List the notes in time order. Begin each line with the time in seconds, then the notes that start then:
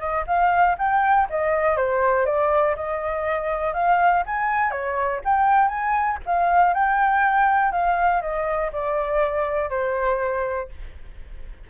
0.00 D#5
0.27 F5
0.78 G5
1.30 D#5
1.76 C5
2.26 D5
2.76 D#5
3.74 F5
4.26 G#5
4.71 C#5
5.24 G5
5.68 G#5
6.26 F5
6.74 G5
7.72 F5
8.22 D#5
8.72 D5
9.70 C5